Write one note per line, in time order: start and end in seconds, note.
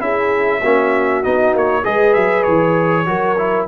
0.00 0.62 C#4
0.00 0.61 E4
0.00 0.60 G#4
0.00 1.24 E5
0.60 1.25 A#3
0.60 1.24 C#4
0.60 1.82 F#4
1.24 1.54 B3
1.24 1.84 D#4
1.24 1.55 D#5
1.54 1.85 A#3
1.54 1.85 C#5
1.84 2.16 G#3
1.84 3.06 G#4
1.84 3.07 B4
1.84 2.14 D#5
2.14 2.47 F#3
2.14 2.43 E5
2.43 3.08 E3
2.43 3.66 C#5
3.06 3.69 F#3
3.06 3.37 F#4
3.06 3.69 A#4
3.38 3.69 E4